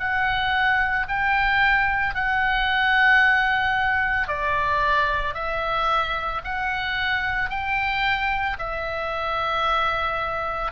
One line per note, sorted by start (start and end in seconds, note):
0.00 1.07 F#5
1.09 2.15 G5
2.15 4.28 F#5
4.28 5.35 D5
5.35 6.42 E5
6.45 7.50 F#5
7.50 8.58 G5
8.59 10.72 E5